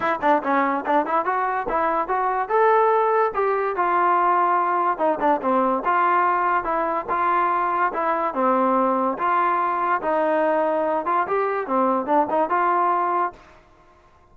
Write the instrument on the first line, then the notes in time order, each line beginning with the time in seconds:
trombone
0.00 E4
0.21 D4
0.43 C#4
0.86 D4
1.05 E4
1.25 F#4
1.69 E4
2.08 F#4
2.48 A4
3.34 G4
3.76 F4
4.98 D#4
5.20 D4
5.41 C4
5.84 F4
6.64 E4
7.09 F4
7.93 E4
8.34 C4
9.18 F4
10.01 D#4
11.05 F4
11.27 G4
11.66 C4
12.05 D4
12.30 D#4
12.49 F4